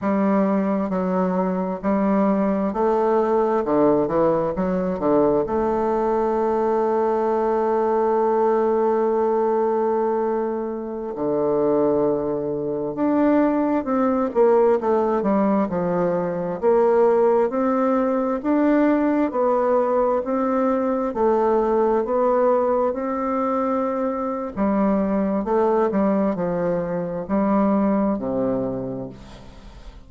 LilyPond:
\new Staff \with { instrumentName = "bassoon" } { \time 4/4 \tempo 4 = 66 g4 fis4 g4 a4 | d8 e8 fis8 d8 a2~ | a1~ | a16 d2 d'4 c'8 ais16~ |
ais16 a8 g8 f4 ais4 c'8.~ | c'16 d'4 b4 c'4 a8.~ | a16 b4 c'4.~ c'16 g4 | a8 g8 f4 g4 c4 | }